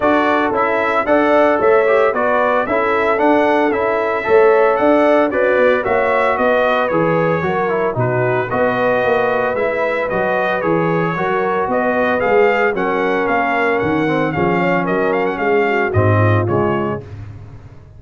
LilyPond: <<
  \new Staff \with { instrumentName = "trumpet" } { \time 4/4 \tempo 4 = 113 d''4 e''4 fis''4 e''4 | d''4 e''4 fis''4 e''4~ | e''4 fis''4 d''4 e''4 | dis''4 cis''2 b'4 |
dis''2 e''4 dis''4 | cis''2 dis''4 f''4 | fis''4 f''4 fis''4 f''4 | dis''8 f''16 fis''16 f''4 dis''4 cis''4 | }
  \new Staff \with { instrumentName = "horn" } { \time 4/4 a'2 d''4 cis''4 | b'4 a'2. | cis''4 d''4 fis'4 cis''4 | b'2 ais'4 fis'4 |
b'1~ | b'4 ais'4 b'2 | ais'2. gis'8 cis''8 | ais'4 gis'8 fis'4 f'4. | }
  \new Staff \with { instrumentName = "trombone" } { \time 4/4 fis'4 e'4 a'4. g'8 | fis'4 e'4 d'4 e'4 | a'2 b'4 fis'4~ | fis'4 gis'4 fis'8 e'8 dis'4 |
fis'2 e'4 fis'4 | gis'4 fis'2 gis'4 | cis'2~ cis'8 c'8 cis'4~ | cis'2 c'4 gis4 | }
  \new Staff \with { instrumentName = "tuba" } { \time 4/4 d'4 cis'4 d'4 a4 | b4 cis'4 d'4 cis'4 | a4 d'4 cis'8 b8 ais4 | b4 e4 fis4 b,4 |
b4 ais4 gis4 fis4 | e4 fis4 b4 gis4 | fis4 ais4 dis4 f4 | fis4 gis4 gis,4 cis4 | }
>>